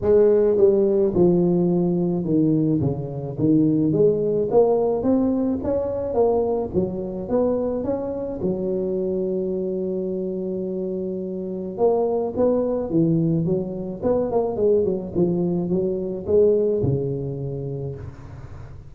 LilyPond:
\new Staff \with { instrumentName = "tuba" } { \time 4/4 \tempo 4 = 107 gis4 g4 f2 | dis4 cis4 dis4 gis4 | ais4 c'4 cis'4 ais4 | fis4 b4 cis'4 fis4~ |
fis1~ | fis4 ais4 b4 e4 | fis4 b8 ais8 gis8 fis8 f4 | fis4 gis4 cis2 | }